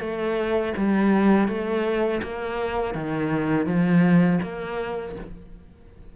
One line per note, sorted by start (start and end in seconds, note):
0.00 0.73 A3
0.77 1.48 G3
1.48 2.22 A3
2.23 2.94 A#3
2.94 3.66 D#3
3.66 4.39 F3
4.43 5.16 A#3